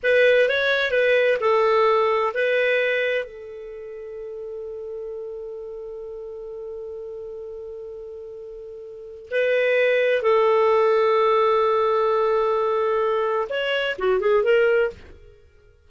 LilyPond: \new Staff \with { instrumentName = "clarinet" } { \time 4/4 \tempo 4 = 129 b'4 cis''4 b'4 a'4~ | a'4 b'2 a'4~ | a'1~ | a'1~ |
a'1 | b'2 a'2~ | a'1~ | a'4 cis''4 fis'8 gis'8 ais'4 | }